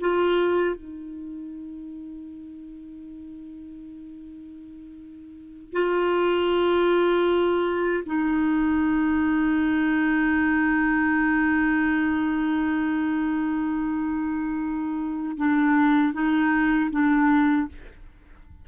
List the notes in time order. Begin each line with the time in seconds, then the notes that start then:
0.00 F4
0.75 D#4
5.73 F4
8.06 D#4
15.37 D4
16.13 D#4
16.91 D4